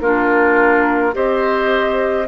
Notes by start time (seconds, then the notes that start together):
0.00 A#3 D4 F4 A#4
1.12 C4 G4 C5 D#5